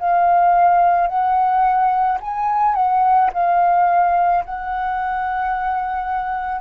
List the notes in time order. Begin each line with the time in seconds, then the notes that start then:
0.00 F5
1.08 F#5
2.21 G#5
2.75 F#5
3.34 F5
4.45 F#5